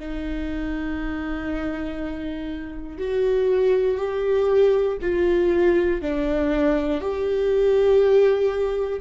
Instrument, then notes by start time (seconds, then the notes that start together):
viola
0.00 D#4
2.99 F#4
3.98 G4
5.02 F4
6.02 D4
7.01 G4